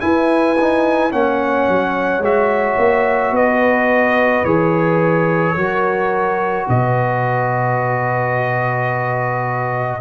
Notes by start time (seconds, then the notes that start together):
0.00 E4 B4 G#5
0.60 D#4
1.10 A#3 C#4 C#5 F#5
1.69 F#3
2.19 G#3 F#4 E5
2.78 A#3
3.31 B3 B4 D#5
4.44 E3 G#4 C#5
5.56 F#3 F#4 A#4
6.68 B2 B4 D#5